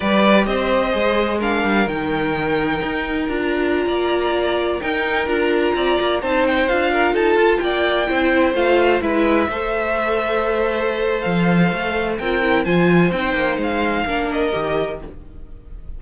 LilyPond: <<
  \new Staff \with { instrumentName = "violin" } { \time 4/4 \tempo 4 = 128 d''4 dis''2 f''4 | g''2. ais''4~ | ais''2~ ais''16 g''4 ais''8.~ | ais''4~ ais''16 a''8 g''8 f''4 a''8.~ |
a''16 g''2 f''4 e''8.~ | e''1 | f''2 g''4 gis''4 | g''4 f''4. dis''4. | }
  \new Staff \with { instrumentName = "violin" } { \time 4/4 b'4 c''2 ais'4~ | ais'1~ | ais'16 d''2 ais'4.~ ais'16~ | ais'16 d''4 c''4. ais'8 a'8.~ |
a'16 d''4 c''2 b'8.~ | b'16 c''2.~ c''8.~ | c''2 ais'4 c''4~ | c''2 ais'2 | }
  \new Staff \with { instrumentName = "viola" } { \time 4/4 g'2 gis'4 d'4 | dis'2. f'4~ | f'2~ f'16 dis'4 f'8.~ | f'4~ f'16 dis'4 f'4.~ f'16~ |
f'4~ f'16 e'4 f'4 e'8.~ | e'16 a'2.~ a'8.~ | a'2 f'8 e'8 f'4 | dis'2 d'4 g'4 | }
  \new Staff \with { instrumentName = "cello" } { \time 4/4 g4 c'4 gis4. g8 | dis2 dis'4 d'4~ | d'16 ais2 dis'4 d'8.~ | d'16 c'8 ais8 c'4 d'4 dis'8 f'16~ |
f'16 ais4 c'4 a4 gis8.~ | gis16 a2.~ a8. | f4 a4 c'4 f4 | c'8 ais8 gis4 ais4 dis4 | }
>>